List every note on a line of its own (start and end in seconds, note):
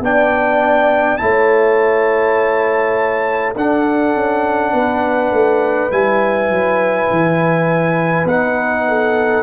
0.00 1.18 B3
0.00 1.18 D4
0.00 1.22 D5
0.00 1.17 G5
1.17 3.56 A3
1.17 3.53 E4
1.17 3.57 C#5
1.17 3.53 A5
3.56 4.14 D4
3.56 5.91 D4
3.56 4.73 A4
3.56 5.92 F#5
4.14 4.73 C#4
4.73 5.31 B3
4.73 8.84 B4
5.31 5.90 A3
5.91 6.50 G3
5.91 8.27 E4
5.91 8.27 G#5
6.50 7.09 F#3
7.11 8.25 E3
8.25 9.42 B3
8.25 9.43 D#4
8.25 9.43 F#5
8.88 9.43 A4